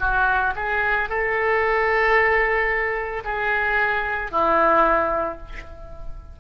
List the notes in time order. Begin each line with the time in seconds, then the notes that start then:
0.00 F#4
0.56 G#4
1.09 A4
3.24 G#4
4.31 E4